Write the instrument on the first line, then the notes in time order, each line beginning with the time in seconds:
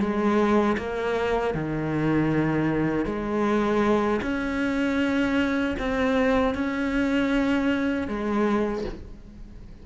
cello
0.00 G#3
0.78 A#3
1.55 D#3
3.06 G#3
4.22 C#4
5.79 C4
6.55 C#4
8.08 G#3